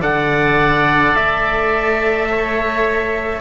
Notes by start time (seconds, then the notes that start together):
0.00 D3 A4 D5 F#5
1.14 A3 E5
2.31 C#5